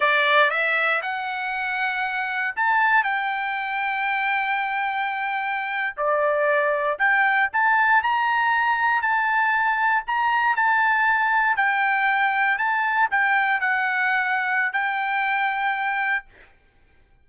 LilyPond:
\new Staff \with { instrumentName = "trumpet" } { \time 4/4 \tempo 4 = 118 d''4 e''4 fis''2~ | fis''4 a''4 g''2~ | g''2.~ g''8. d''16~ | d''4.~ d''16 g''4 a''4 ais''16~ |
ais''4.~ ais''16 a''2 ais''16~ | ais''8. a''2 g''4~ g''16~ | g''8. a''4 g''4 fis''4~ fis''16~ | fis''4 g''2. | }